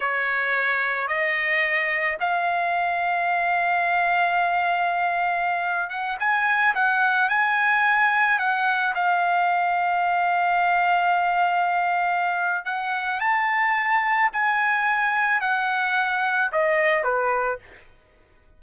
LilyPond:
\new Staff \with { instrumentName = "trumpet" } { \time 4/4 \tempo 4 = 109 cis''2 dis''2 | f''1~ | f''2~ f''8. fis''8 gis''8.~ | gis''16 fis''4 gis''2 fis''8.~ |
fis''16 f''2.~ f''8.~ | f''2. fis''4 | a''2 gis''2 | fis''2 dis''4 b'4 | }